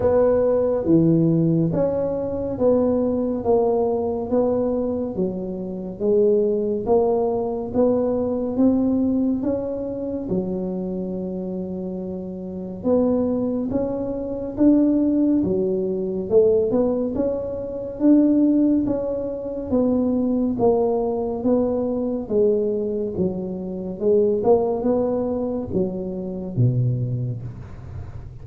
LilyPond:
\new Staff \with { instrumentName = "tuba" } { \time 4/4 \tempo 4 = 70 b4 e4 cis'4 b4 | ais4 b4 fis4 gis4 | ais4 b4 c'4 cis'4 | fis2. b4 |
cis'4 d'4 fis4 a8 b8 | cis'4 d'4 cis'4 b4 | ais4 b4 gis4 fis4 | gis8 ais8 b4 fis4 b,4 | }